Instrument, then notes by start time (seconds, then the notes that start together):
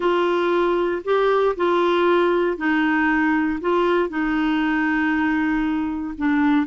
clarinet
0.00 F4
1.04 G4
1.56 F4
2.57 D#4
3.60 F4
4.09 D#4
6.17 D4